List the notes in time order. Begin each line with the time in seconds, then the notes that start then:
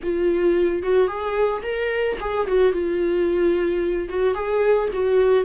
0.03 F4
0.82 F#4
1.07 G#4
1.62 A#4
2.20 G#4
2.47 F#4
2.72 F4
4.09 F#4
4.34 G#4
4.93 F#4